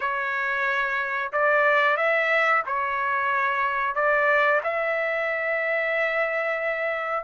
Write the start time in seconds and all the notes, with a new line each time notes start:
0.00 C#5
1.32 D5
1.96 E5
2.66 C#5
3.95 D5
4.63 E5